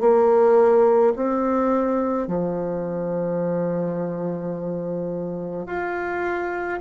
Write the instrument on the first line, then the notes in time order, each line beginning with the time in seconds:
bassoon
0.00 A#3
1.16 C4
2.27 F3
5.67 F4